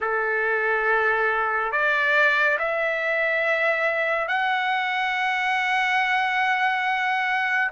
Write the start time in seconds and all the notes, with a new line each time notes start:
0.00 A4
1.72 D5
2.59 E5
4.27 F#5